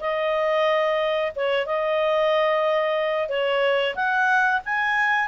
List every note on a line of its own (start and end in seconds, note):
0.00 1.32 D#5
1.35 1.66 C#5
1.66 3.29 D#5
3.29 3.95 C#5
3.95 4.61 F#5
4.65 5.27 G#5